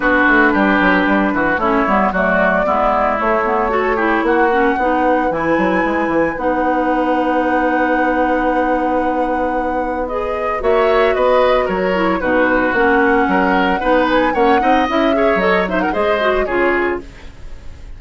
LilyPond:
<<
  \new Staff \with { instrumentName = "flute" } { \time 4/4 \tempo 4 = 113 b'2. cis''4 | d''2 cis''2 | fis''2 gis''2 | fis''1~ |
fis''2. dis''4 | e''4 dis''4 cis''4 b'4 | fis''2~ fis''8 gis''8 fis''4 | e''4 dis''8 e''16 fis''16 dis''4 cis''4 | }
  \new Staff \with { instrumentName = "oboe" } { \time 4/4 fis'4 g'4. fis'8 e'4 | fis'4 e'2 a'8 g'8 | fis'4 b'2.~ | b'1~ |
b'1 | cis''4 b'4 ais'4 fis'4~ | fis'4 ais'4 b'4 cis''8 dis''8~ | dis''8 cis''4 c''16 ais'16 c''4 gis'4 | }
  \new Staff \with { instrumentName = "clarinet" } { \time 4/4 d'2. cis'8 b8 | a4 b4 a8 b8 fis'8 e'8~ | e'8 cis'8 dis'4 e'2 | dis'1~ |
dis'2. gis'4 | fis'2~ fis'8 e'8 dis'4 | cis'2 dis'4 cis'8 dis'8 | e'8 gis'8 a'8 dis'8 gis'8 fis'8 f'4 | }
  \new Staff \with { instrumentName = "bassoon" } { \time 4/4 b8 a8 g8 fis8 g8 e8 a8 g8 | fis4 gis4 a2 | ais4 b4 e8 fis8 gis8 e8 | b1~ |
b1 | ais4 b4 fis4 b,4 | ais4 fis4 b4 ais8 c'8 | cis'4 fis4 gis4 cis4 | }
>>